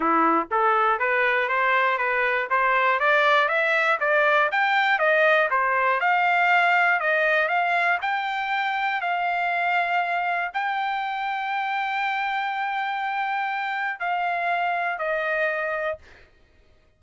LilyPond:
\new Staff \with { instrumentName = "trumpet" } { \time 4/4 \tempo 4 = 120 e'4 a'4 b'4 c''4 | b'4 c''4 d''4 e''4 | d''4 g''4 dis''4 c''4 | f''2 dis''4 f''4 |
g''2 f''2~ | f''4 g''2.~ | g''1 | f''2 dis''2 | }